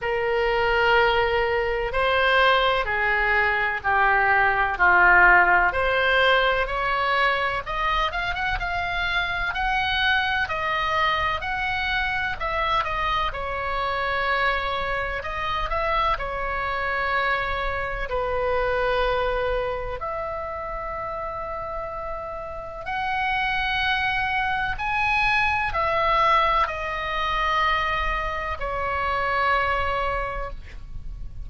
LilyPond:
\new Staff \with { instrumentName = "oboe" } { \time 4/4 \tempo 4 = 63 ais'2 c''4 gis'4 | g'4 f'4 c''4 cis''4 | dis''8 f''16 fis''16 f''4 fis''4 dis''4 | fis''4 e''8 dis''8 cis''2 |
dis''8 e''8 cis''2 b'4~ | b'4 e''2. | fis''2 gis''4 e''4 | dis''2 cis''2 | }